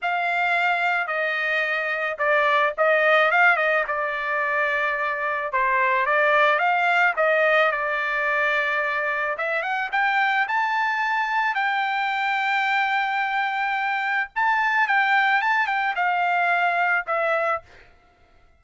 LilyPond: \new Staff \with { instrumentName = "trumpet" } { \time 4/4 \tempo 4 = 109 f''2 dis''2 | d''4 dis''4 f''8 dis''8 d''4~ | d''2 c''4 d''4 | f''4 dis''4 d''2~ |
d''4 e''8 fis''8 g''4 a''4~ | a''4 g''2.~ | g''2 a''4 g''4 | a''8 g''8 f''2 e''4 | }